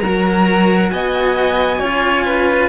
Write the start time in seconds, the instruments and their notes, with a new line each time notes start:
0.00 cello F#3, violin A#4 A#5
0.06 cello F#4
0.91 cello B3, violin D#5 G#5
1.79 cello C#4 F4, violin C#5
2.26 violin B4